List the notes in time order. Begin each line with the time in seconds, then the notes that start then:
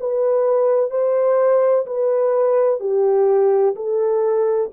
0.00 B4
0.90 C5
1.86 B4
2.80 G4
3.75 A4